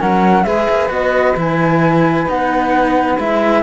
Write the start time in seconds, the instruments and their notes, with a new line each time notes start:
0.00 cello F#3 C#4, saxophone A#4, flute F#5
0.44 cello G#3 G#4, saxophone B4, flute E5
0.70 cello A#3
0.89 cello B3 F#4, flute D#5
1.37 cello E3 E4, flute G#5
2.27 cello B3 D#4, flute F#5
3.19 cello G#3 E4, flute E5